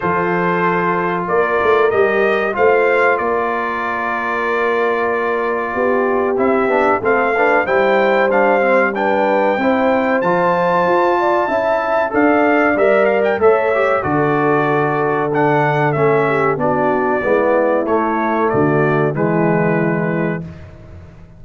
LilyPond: <<
  \new Staff \with { instrumentName = "trumpet" } { \time 4/4 \tempo 4 = 94 c''2 d''4 dis''4 | f''4 d''2.~ | d''2 e''4 f''4 | g''4 f''4 g''2 |
a''2. f''4 | e''8 f''16 g''16 e''4 d''2 | fis''4 e''4 d''2 | cis''4 d''4 b'2 | }
  \new Staff \with { instrumentName = "horn" } { \time 4/4 a'2 ais'2 | c''4 ais'2.~ | ais'4 g'2 a'8 b'8 | c''2 b'4 c''4~ |
c''4. d''8 e''4 d''4~ | d''4 cis''4 a'2~ | a'4. g'8 fis'4 e'4~ | e'4 fis'4 e'2 | }
  \new Staff \with { instrumentName = "trombone" } { \time 4/4 f'2. g'4 | f'1~ | f'2 e'8 d'8 c'8 d'8 | e'4 d'8 c'8 d'4 e'4 |
f'2 e'4 a'4 | ais'4 a'8 g'8 fis'2 | d'4 cis'4 d'4 b4 | a2 gis2 | }
  \new Staff \with { instrumentName = "tuba" } { \time 4/4 f2 ais8 a8 g4 | a4 ais2.~ | ais4 b4 c'8 b8 a4 | g2. c'4 |
f4 f'4 cis'4 d'4 | g4 a4 d2~ | d4 a4 b4 gis4 | a4 d4 e2 | }
>>